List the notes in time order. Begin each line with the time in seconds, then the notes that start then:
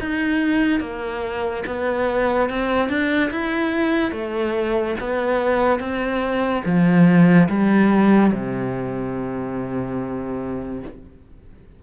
0.00 D#4
0.81 A#3
1.67 B3
2.50 C4
2.89 D4
3.31 E4
4.12 A3
5.00 B3
5.80 C4
6.66 F3
7.49 G3
8.33 C3